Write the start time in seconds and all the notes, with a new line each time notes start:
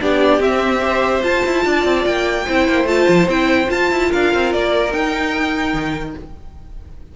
0.00 B3 D4 G4 D5
0.39 C4 E5
0.80 G4 C5
1.21 F4 A5
1.46 E4
1.65 D4 D5
1.85 C4
2.05 A#3 G5
2.46 C4 E4 C5
2.68 A#3
2.85 A3 F4 A5
3.09 F3
3.27 C4 E4 G5
3.66 F4 A5
3.91 E4
4.10 D4 A#4 F5
4.34 C4
4.53 A#3 D5
4.92 D#4 G5
5.73 D#3